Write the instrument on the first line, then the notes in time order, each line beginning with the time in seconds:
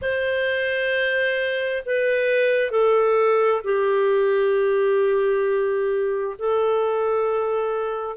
clarinet
0.01 C5
1.85 B4
2.70 A4
3.64 G4
6.38 A4